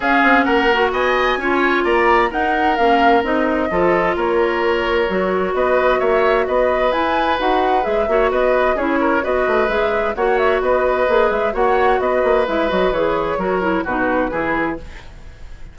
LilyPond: <<
  \new Staff \with { instrumentName = "flute" } { \time 4/4 \tempo 4 = 130 f''4 fis''4 gis''2 | ais''4 fis''4 f''4 dis''4~ | dis''4 cis''2. | dis''4 e''4 dis''4 gis''4 |
fis''4 e''4 dis''4 cis''4 | dis''4 e''4 fis''8 e''8 dis''4~ | dis''8 e''8 fis''4 dis''4 e''8 dis''8 | cis''2 b'2 | }
  \new Staff \with { instrumentName = "oboe" } { \time 4/4 gis'4 ais'4 dis''4 cis''4 | d''4 ais'2. | a'4 ais'2. | b'4 cis''4 b'2~ |
b'4. cis''8 b'4 gis'8 ais'8 | b'2 cis''4 b'4~ | b'4 cis''4 b'2~ | b'4 ais'4 fis'4 gis'4 | }
  \new Staff \with { instrumentName = "clarinet" } { \time 4/4 cis'4. fis'4. f'4~ | f'4 dis'4 cis'4 dis'4 | f'2. fis'4~ | fis'2. e'4 |
fis'4 gis'8 fis'4. e'4 | fis'4 gis'4 fis'2 | gis'4 fis'2 e'8 fis'8 | gis'4 fis'8 e'8 dis'4 e'4 | }
  \new Staff \with { instrumentName = "bassoon" } { \time 4/4 cis'8 c'8 ais4 b4 cis'4 | ais4 dis'4 ais4 c'4 | f4 ais2 fis4 | b4 ais4 b4 e'4 |
dis'4 gis8 ais8 b4 cis'4 | b8 a8 gis4 ais4 b4 | ais8 gis8 ais4 b8 ais8 gis8 fis8 | e4 fis4 b,4 e4 | }
>>